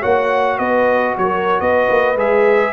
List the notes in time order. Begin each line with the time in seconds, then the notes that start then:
0.00 A#3 F#4 C#5 F#5
0.58 B3 B4 D#5
1.17 F#3 A#4 C#5
1.60 B3 B4 D#5
1.89 A#3
2.15 G#3 G#4 E5